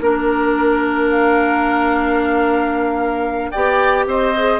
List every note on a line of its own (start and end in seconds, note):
0.00 3.51 A#3
0.00 3.53 D4
0.00 1.09 A#4
0.00 3.51 A#4
1.10 3.51 F5
3.51 4.06 B3
3.51 4.35 G4
3.51 4.05 D5
3.51 4.05 G5
4.06 4.59 C4
4.06 4.59 C5
4.06 4.59 D#5
4.37 4.59 G#4